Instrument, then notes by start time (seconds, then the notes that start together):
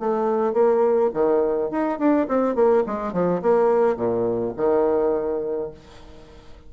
bassoon
0.00 A3
0.54 A#3
1.14 D#3
1.71 D#4
1.99 D4
2.29 C4
2.56 A#3
2.87 G#3
3.14 F3
3.42 A#3
3.97 A#2
4.57 D#3